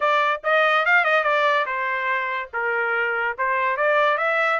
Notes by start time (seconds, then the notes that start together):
0.00 D5
0.43 D#5
0.85 F5
1.04 D#5
1.23 D5
1.66 C5
2.53 A#4
3.37 C5
3.76 D5
4.17 E5